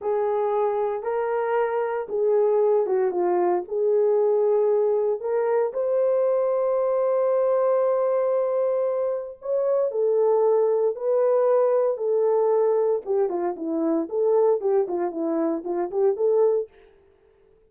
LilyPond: \new Staff \with { instrumentName = "horn" } { \time 4/4 \tempo 4 = 115 gis'2 ais'2 | gis'4. fis'8 f'4 gis'4~ | gis'2 ais'4 c''4~ | c''1~ |
c''2 cis''4 a'4~ | a'4 b'2 a'4~ | a'4 g'8 f'8 e'4 a'4 | g'8 f'8 e'4 f'8 g'8 a'4 | }